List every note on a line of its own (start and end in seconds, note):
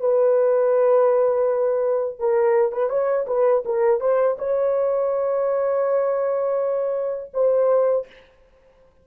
0.00 2.19 B4
2.19 2.72 A#4
2.72 2.89 B4
2.89 3.26 C#5
3.27 3.64 B4
3.65 4.00 A#4
4.00 4.37 C5
4.38 7.31 C#5
7.34 8.07 C5